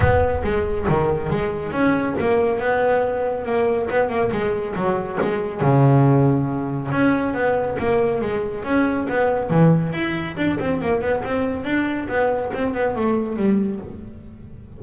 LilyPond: \new Staff \with { instrumentName = "double bass" } { \time 4/4 \tempo 4 = 139 b4 gis4 dis4 gis4 | cis'4 ais4 b2 | ais4 b8 ais8 gis4 fis4 | gis4 cis2. |
cis'4 b4 ais4 gis4 | cis'4 b4 e4 e'4 | d'8 c'8 ais8 b8 c'4 d'4 | b4 c'8 b8 a4 g4 | }